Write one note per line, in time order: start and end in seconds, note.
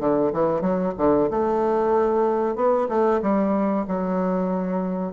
0.00 0.32 D3
0.33 0.62 E3
0.62 0.93 F#3
0.98 1.30 D3
1.31 2.56 A3
2.56 2.88 B3
2.89 3.21 A3
3.22 3.86 G3
3.88 5.13 F#3